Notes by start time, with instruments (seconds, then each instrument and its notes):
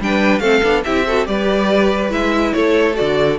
0.00 cello G3, viola D4, violin B4 G5
0.39 cello A3, viola C4, violin A4 F5
0.63 cello B3, viola D4
0.84 cello C4, viola E4, violin G4 E5
1.06 viola F#4, violin A4
1.25 cello G3, viola G4, violin B4 D5
2.09 cello G#3, viola E4, violin E5
2.53 cello A3, violin A4 C#5
2.94 viola F#4, violin D5
3.00 cello D3